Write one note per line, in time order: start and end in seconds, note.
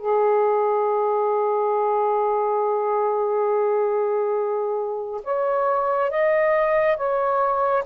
0.00 5.22 G#4
5.24 6.11 C#5
6.11 6.97 D#5
6.97 7.84 C#5